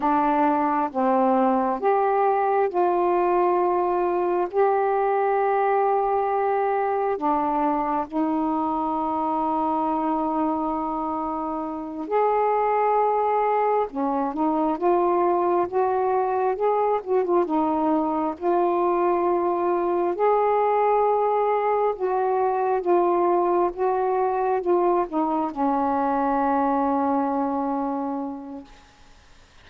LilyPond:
\new Staff \with { instrumentName = "saxophone" } { \time 4/4 \tempo 4 = 67 d'4 c'4 g'4 f'4~ | f'4 g'2. | d'4 dis'2.~ | dis'4. gis'2 cis'8 |
dis'8 f'4 fis'4 gis'8 fis'16 f'16 dis'8~ | dis'8 f'2 gis'4.~ | gis'8 fis'4 f'4 fis'4 f'8 | dis'8 cis'2.~ cis'8 | }